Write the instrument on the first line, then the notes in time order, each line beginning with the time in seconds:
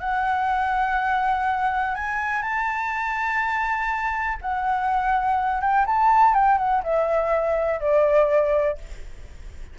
flute
0.00 F#5
1.95 G#5
2.42 A5
4.42 F#5
5.61 G5
5.86 A5
6.34 G5
6.58 F#5
6.84 E5
7.81 D5